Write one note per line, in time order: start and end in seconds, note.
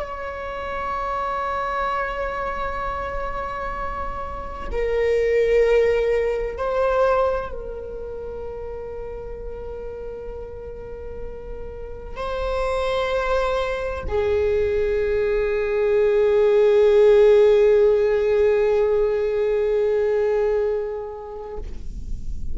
0.00 4.69 C#5
4.71 6.58 A#4
6.58 7.51 C5
7.51 12.16 A#4
12.16 14.04 C5
14.08 21.58 G#4